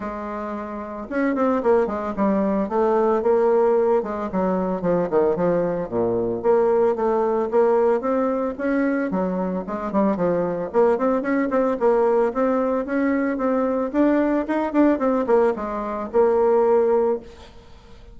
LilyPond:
\new Staff \with { instrumentName = "bassoon" } { \time 4/4 \tempo 4 = 112 gis2 cis'8 c'8 ais8 gis8 | g4 a4 ais4. gis8 | fis4 f8 dis8 f4 ais,4 | ais4 a4 ais4 c'4 |
cis'4 fis4 gis8 g8 f4 | ais8 c'8 cis'8 c'8 ais4 c'4 | cis'4 c'4 d'4 dis'8 d'8 | c'8 ais8 gis4 ais2 | }